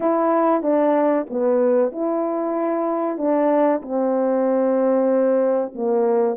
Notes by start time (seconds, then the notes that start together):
0.00 E4
0.62 D4
1.30 B3
1.92 E4
3.17 D4
3.82 C4
5.74 A#3